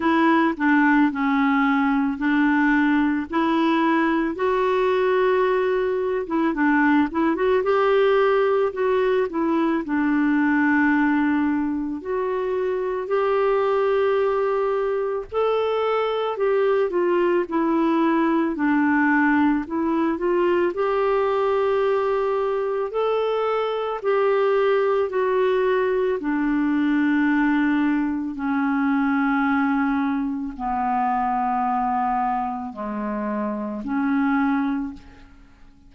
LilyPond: \new Staff \with { instrumentName = "clarinet" } { \time 4/4 \tempo 4 = 55 e'8 d'8 cis'4 d'4 e'4 | fis'4.~ fis'16 e'16 d'8 e'16 fis'16 g'4 | fis'8 e'8 d'2 fis'4 | g'2 a'4 g'8 f'8 |
e'4 d'4 e'8 f'8 g'4~ | g'4 a'4 g'4 fis'4 | d'2 cis'2 | b2 gis4 cis'4 | }